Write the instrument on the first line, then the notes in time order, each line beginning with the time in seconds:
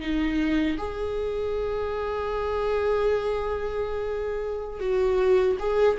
viola
0.00 D#4
0.77 G#4
4.80 F#4
5.59 G#4